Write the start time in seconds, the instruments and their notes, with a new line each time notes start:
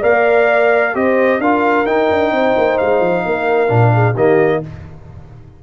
0.00 tuba A#3, trombone A#4, horn D5, trumpet F5
0.94 tuba C4, trombone G4, horn C5, trumpet D#5
1.39 tuba D4, trombone F4, horn A#4, trumpet F5
1.86 trombone D#4, tuba D#4, trumpet G5
2.10 tuba D4
2.32 tuba C4, horn C5
2.57 tuba A#3
2.78 tuba G#3, trumpet F5
3.00 tuba F3
3.26 tuba A#3, horn A#4
3.68 tuba A#2, trombone D4
3.94 horn G#4
4.14 tuba D#3, trombone A#3, horn G4, trumpet D#5